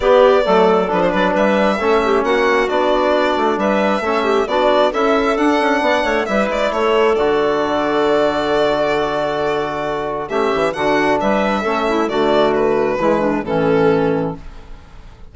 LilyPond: <<
  \new Staff \with { instrumentName = "violin" } { \time 4/4 \tempo 4 = 134 d''2 b'16 c''16 b'8 e''4~ | e''4 fis''4 d''2 | e''2 d''4 e''4 | fis''2 e''8 d''8 cis''4 |
d''1~ | d''2. e''4 | fis''4 e''2 d''4 | b'2 a'2 | }
  \new Staff \with { instrumentName = "clarinet" } { \time 4/4 g'4 a'4. d''8 b'4 | a'8 g'8 fis'2. | b'4 a'8 g'8 fis'4 a'4~ | a'4 d''8 cis''8 b'4 a'4~ |
a'1~ | a'2. g'4 | fis'4 b'4 a'8 e'8 fis'4~ | fis'4 e'8 d'8 cis'2 | }
  \new Staff \with { instrumentName = "trombone" } { \time 4/4 b4 a4 d'2 | cis'2 d'2~ | d'4 cis'4 d'4 e'4 | d'2 e'2 |
fis'1~ | fis'2. cis'4 | d'2 cis'4 a4~ | a4 gis4 e2 | }
  \new Staff \with { instrumentName = "bassoon" } { \time 4/4 b4 fis4 f8 fis8 g4 | a4 ais4 b4. a8 | g4 a4 b4 cis'4 | d'8 cis'8 b8 a8 g8 gis8 a4 |
d1~ | d2. a8 e8 | d4 g4 a4 d4~ | d4 e4 a,2 | }
>>